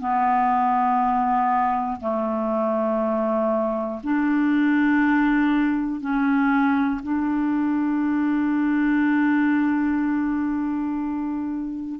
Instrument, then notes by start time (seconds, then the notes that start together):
clarinet
0.00 B3
2.00 A3
4.04 D4
6.01 C#4
7.02 D4